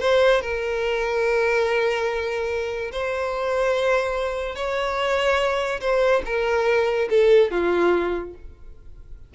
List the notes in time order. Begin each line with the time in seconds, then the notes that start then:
0.00 C5
0.41 A#4
2.92 C5
4.55 C#5
5.81 C5
6.25 A#4
7.10 A4
7.51 F4